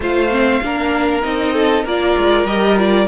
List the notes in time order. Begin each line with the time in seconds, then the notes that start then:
0.00 A3 F4 C5 F5
0.30 C4
0.62 A#3 D4 A#4
1.22 C4 D#4 D#5
1.53 A4
1.84 A#3 F4 A#4 D5
2.16 G#3
2.44 G3 G4 D#5
2.77 F4 D5